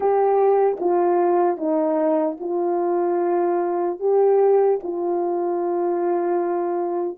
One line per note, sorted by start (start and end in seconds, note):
0.00 0.77 G4
0.80 1.57 F4
1.57 2.37 D#4
2.40 3.99 F4
3.99 4.79 G4
4.83 7.17 F4